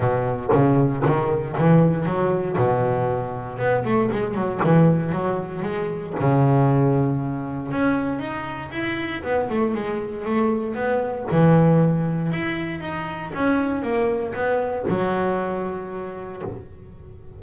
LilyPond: \new Staff \with { instrumentName = "double bass" } { \time 4/4 \tempo 4 = 117 b,4 cis4 dis4 e4 | fis4 b,2 b8 a8 | gis8 fis8 e4 fis4 gis4 | cis2. cis'4 |
dis'4 e'4 b8 a8 gis4 | a4 b4 e2 | e'4 dis'4 cis'4 ais4 | b4 fis2. | }